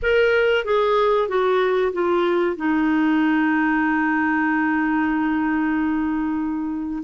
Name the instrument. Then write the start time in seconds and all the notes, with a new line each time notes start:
clarinet
0.02 A#4
0.64 G#4
1.28 F#4
1.92 F4
2.56 D#4